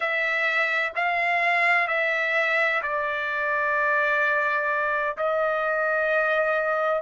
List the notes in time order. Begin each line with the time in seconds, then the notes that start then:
0.00 E5
0.95 F5
1.87 E5
2.82 D5
5.16 D#5